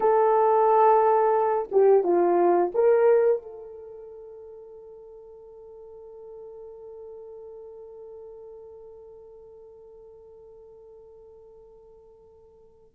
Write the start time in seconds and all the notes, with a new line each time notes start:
0.00 A4
1.71 G4
2.03 F4
2.74 A#4
3.42 A4